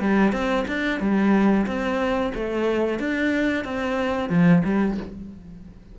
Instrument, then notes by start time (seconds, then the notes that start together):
cello
0.00 G3
0.32 C4
0.68 D4
1.00 G3
1.66 C4
2.34 A3
2.99 D4
3.64 C4
4.29 F3
4.65 G3